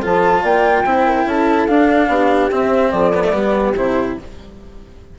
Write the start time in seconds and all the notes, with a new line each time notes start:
0.00 F3 F4 A4 A5
0.42 A#3 D5 G5
0.85 C4 E4 C5
1.06 A#4
1.25 C#4 A4 A5
1.67 D4 F5
2.08 B3 G4
2.51 C4 E5
2.91 F3 A4 D5
3.14 B3
3.23 A3
3.32 G3 B3 G4
3.76 C3 E4 C5